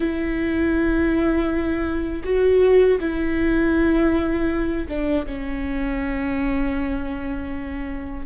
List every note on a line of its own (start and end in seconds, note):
0.00 2.23 E4
2.24 2.99 F#4
3.00 4.87 E4
4.88 5.25 D4
5.26 8.26 C#4